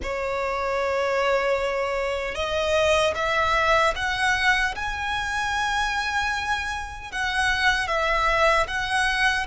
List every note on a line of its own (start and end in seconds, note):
0.02 2.35 C#5
2.35 3.14 D#5
3.15 3.94 E5
3.95 4.74 F#5
4.75 7.11 G#5
7.11 7.87 F#5
7.87 8.66 E5
8.67 9.46 F#5